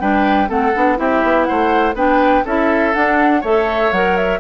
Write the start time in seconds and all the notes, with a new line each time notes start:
0.00 G3 D4 B4 G5
0.48 A3 C4 A4 F#5
0.75 B3 D4
0.97 C4 E4 G4 E5
1.23 B3
1.44 C5 F#5
1.51 A3
1.94 B3 D4 B4 G5
2.45 C#4 E4 A4 E5
2.94 D4 F#5
3.41 A3 A4 C#5 E5
3.92 F#3 A#4 F#5
4.16 E5